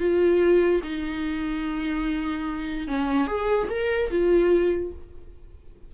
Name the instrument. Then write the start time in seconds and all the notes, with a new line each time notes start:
viola
0.00 F4
0.83 D#4
2.88 C#4
3.27 G#4
3.70 A#4
4.11 F4